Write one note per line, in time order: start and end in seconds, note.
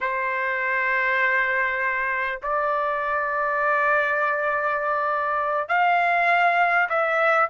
0.00 2.40 C5
2.42 5.68 D5
5.68 6.88 F5
6.89 7.49 E5